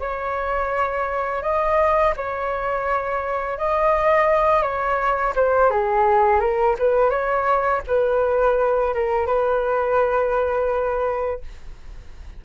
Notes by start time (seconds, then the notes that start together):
0.00 C#5
1.43 D#5
2.17 C#5
3.58 D#5
4.62 C#5
5.35 C5
5.71 G#4
6.40 A#4
6.79 B4
7.10 C#5
7.87 B4
8.94 A#4
9.27 B4